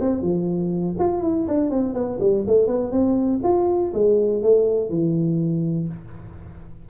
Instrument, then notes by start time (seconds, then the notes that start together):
tuba
0.00 C4
0.21 F3
0.99 F4
1.22 E4
1.48 D4
1.70 C4
1.94 B3
2.20 G3
2.47 A3
2.67 B3
2.91 C4
3.43 F4
3.94 G#3
4.42 A3
4.90 E3